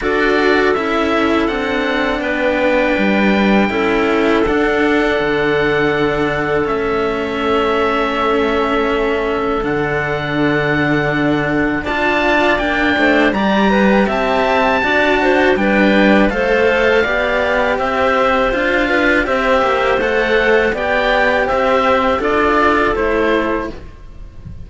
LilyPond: <<
  \new Staff \with { instrumentName = "oboe" } { \time 4/4 \tempo 4 = 81 d''4 e''4 fis''4 g''4~ | g''2 fis''2~ | fis''4 e''2.~ | e''4 fis''2. |
a''4 g''4 ais''4 a''4~ | a''4 g''4 f''2 | e''4 f''4 e''4 fis''4 | g''4 e''4 d''4 c''4 | }
  \new Staff \with { instrumentName = "clarinet" } { \time 4/4 a'2. b'4~ | b'4 a'2.~ | a'1~ | a'1 |
d''4. c''8 d''8 b'8 e''4 | d''8 c''8 b'4 c''4 d''4 | c''4. b'8 c''2 | d''4 c''4 a'2 | }
  \new Staff \with { instrumentName = "cello" } { \time 4/4 fis'4 e'4 d'2~ | d'4 e'4 d'2~ | d'4 cis'2.~ | cis'4 d'2. |
f'4 d'4 g'2 | fis'4 d'4 a'4 g'4~ | g'4 f'4 g'4 a'4 | g'2 f'4 e'4 | }
  \new Staff \with { instrumentName = "cello" } { \time 4/4 d'4 cis'4 c'4 b4 | g4 cis'4 d'4 d4~ | d4 a2.~ | a4 d2. |
d'4 ais8 a8 g4 c'4 | d'4 g4 a4 b4 | c'4 d'4 c'8 ais8 a4 | b4 c'4 d'4 a4 | }
>>